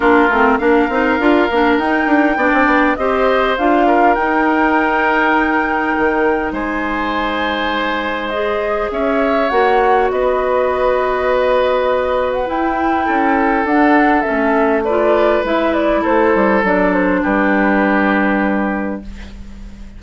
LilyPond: <<
  \new Staff \with { instrumentName = "flute" } { \time 4/4 \tempo 4 = 101 ais'4 f''2 g''4~ | g''4 dis''4 f''4 g''4~ | g''2. gis''4~ | gis''2 dis''4 e''4 |
fis''4 dis''2.~ | dis''8. fis''16 g''2 fis''4 | e''4 d''4 e''8 d''8 c''4 | d''8 c''8 b'2. | }
  \new Staff \with { instrumentName = "oboe" } { \time 4/4 f'4 ais'2. | d''4 c''4. ais'4.~ | ais'2. c''4~ | c''2. cis''4~ |
cis''4 b'2.~ | b'2 a'2~ | a'4 b'2 a'4~ | a'4 g'2. | }
  \new Staff \with { instrumentName = "clarinet" } { \time 4/4 d'8 c'8 d'8 dis'8 f'8 d'8 dis'4 | d'4 g'4 f'4 dis'4~ | dis'1~ | dis'2 gis'2 |
fis'1~ | fis'4 e'2 d'4 | cis'4 f'4 e'2 | d'1 | }
  \new Staff \with { instrumentName = "bassoon" } { \time 4/4 ais8 a8 ais8 c'8 d'8 ais8 dis'8 d'8 | b16 c'16 b8 c'4 d'4 dis'4~ | dis'2 dis4 gis4~ | gis2. cis'4 |
ais4 b2.~ | b4 e'4 cis'4 d'4 | a2 gis4 a8 g8 | fis4 g2. | }
>>